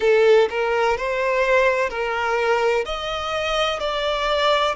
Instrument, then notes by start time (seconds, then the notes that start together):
violin
0.00 A4
0.49 A#4
0.97 C5
1.89 A#4
2.85 D#5
3.79 D5